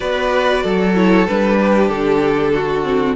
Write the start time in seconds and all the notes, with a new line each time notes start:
0.00 B3 F#4 B4 D5
0.63 F#3 A4
0.95 E4 C#5
1.27 G3 D4 B4
1.58 G4
1.88 D3 A4
2.54 F#4
2.83 C4